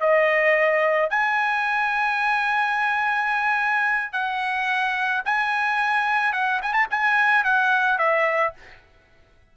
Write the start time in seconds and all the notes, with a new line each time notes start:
0.00 D#5
1.09 G#5
4.12 F#5
5.25 G#5
6.32 F#5
6.62 G#5
6.73 A5
6.90 G#5
7.44 F#5
7.98 E5